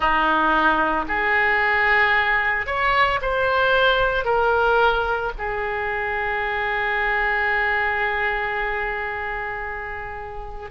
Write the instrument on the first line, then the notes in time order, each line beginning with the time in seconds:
oboe
0.00 D#4
1.08 G#4
2.66 C#5
3.21 C5
4.25 A#4
5.38 G#4